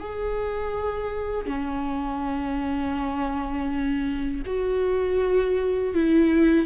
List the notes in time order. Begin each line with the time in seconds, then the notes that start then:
0.00 G#4
1.46 C#4
4.46 F#4
5.95 E4